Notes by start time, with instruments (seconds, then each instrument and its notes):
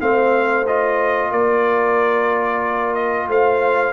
0.00 tuba A3, trombone C4, horn C5, trumpet F5
0.67 trombone F4, trumpet D#5
1.30 tuba A#3, horn A#4, trumpet D5
2.94 trumpet D#5
3.28 tuba A3, horn C5, trumpet F5